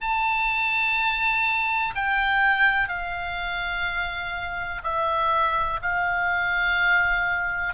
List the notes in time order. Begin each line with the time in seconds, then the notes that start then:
0.00 A5
1.95 G5
2.88 F5
4.83 E5
5.82 F5